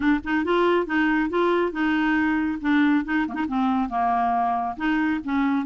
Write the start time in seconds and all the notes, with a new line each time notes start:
0.00 D4
0.24 D#4
0.44 F4
0.86 D#4
1.29 F4
1.72 D#4
2.61 D4
3.04 D#4
3.28 A#3
3.34 D#4
3.48 C4
3.89 A#3
4.76 D#4
5.24 C#4